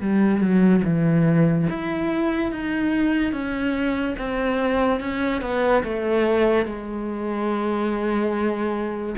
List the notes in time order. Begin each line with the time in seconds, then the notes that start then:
0.00 G3
0.41 F#3
0.84 E3
1.69 E4
2.52 D#4
3.32 C#4
4.18 C4
5.00 C#4
5.41 B3
5.83 A3
6.65 G#3